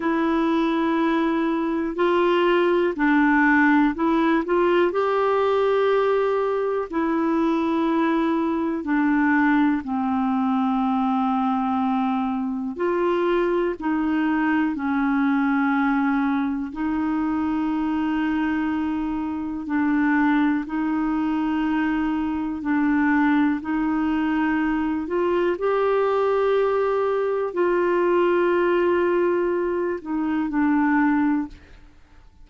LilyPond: \new Staff \with { instrumentName = "clarinet" } { \time 4/4 \tempo 4 = 61 e'2 f'4 d'4 | e'8 f'8 g'2 e'4~ | e'4 d'4 c'2~ | c'4 f'4 dis'4 cis'4~ |
cis'4 dis'2. | d'4 dis'2 d'4 | dis'4. f'8 g'2 | f'2~ f'8 dis'8 d'4 | }